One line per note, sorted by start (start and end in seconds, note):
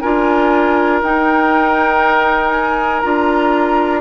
0.00 1.02 D4
0.00 1.03 F4
0.00 4.01 A#4
0.00 1.00 G#5
1.02 3.02 D#4
1.02 3.03 D#4
1.02 2.50 G5
2.50 3.00 G#5
3.00 4.01 D4
3.00 4.01 F4
3.00 4.00 A#5